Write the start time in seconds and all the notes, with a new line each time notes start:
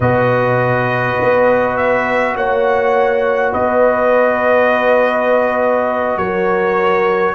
0.00 B2 F#4 B4 D#5
1.21 B3
1.76 E5
2.36 A#3 C#5 F#5
3.52 B3 B4 D#5
6.17 F#3 A#4 C#5